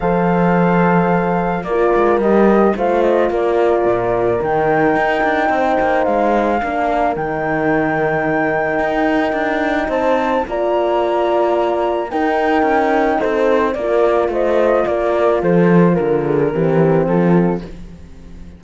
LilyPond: <<
  \new Staff \with { instrumentName = "flute" } { \time 4/4 \tempo 4 = 109 f''2. d''4 | dis''4 f''8 dis''8 d''2 | g''2. f''4~ | f''4 g''2.~ |
g''2 a''4 ais''4~ | ais''2 g''2 | c''4 d''4 dis''4 d''4 | c''4 ais'2 a'4 | }
  \new Staff \with { instrumentName = "horn" } { \time 4/4 c''2. ais'4~ | ais'4 c''4 ais'2~ | ais'2 c''2 | ais'1~ |
ais'2 c''4 d''4~ | d''2 ais'2 | a'4 ais'4 c''4 ais'4 | a'4 ais'8 gis'8 g'4 f'4 | }
  \new Staff \with { instrumentName = "horn" } { \time 4/4 a'2. f'4 | g'4 f'2. | dis'1 | d'4 dis'2.~ |
dis'2. f'4~ | f'2 dis'2~ | dis'4 f'2.~ | f'2 c'2 | }
  \new Staff \with { instrumentName = "cello" } { \time 4/4 f2. ais8 gis8 | g4 a4 ais4 ais,4 | dis4 dis'8 d'8 c'8 ais8 gis4 | ais4 dis2. |
dis'4 d'4 c'4 ais4~ | ais2 dis'4 cis'4 | c'4 ais4 a4 ais4 | f4 d4 e4 f4 | }
>>